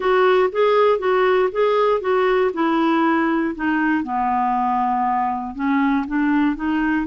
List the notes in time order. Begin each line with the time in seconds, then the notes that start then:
0.00 F#4
0.52 G#4
0.98 F#4
1.51 G#4
2.01 F#4
2.53 E4
3.55 D#4
4.03 B3
5.55 C#4
6.07 D4
6.56 D#4